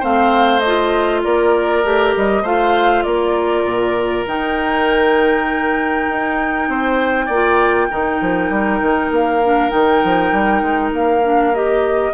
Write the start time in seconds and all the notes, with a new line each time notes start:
0.00 A3 C4 C5 F5
0.60 D#5
0.66 F4
1.23 A#3 A#4 D5
1.84 A3 G4
2.16 G3 D#5
2.43 A3 F4 C5 F5
3.03 A#3 A#4 D5
3.64 A#2
4.26 D#3 D#4 G5
6.09 D#4
6.68 C4 C5
7.26 A#3 D5
7.33 F4
7.90 D#3 D#4 A#4
8.21 F3
8.50 G3
8.82 D#3
9.10 A#3 F5
9.44 D4
9.70 D#3 D#4 G5
10.04 F3
10.32 G3
10.62 G#3
10.92 A#3 F5
11.23 D4
11.54 G4 D#5